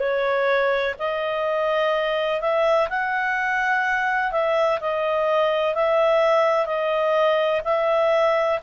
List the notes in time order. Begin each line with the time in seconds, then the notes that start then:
0.00 C#5
0.99 D#5
2.41 E5
2.89 F#5
4.32 E5
4.81 D#5
5.75 E5
6.66 D#5
7.65 E5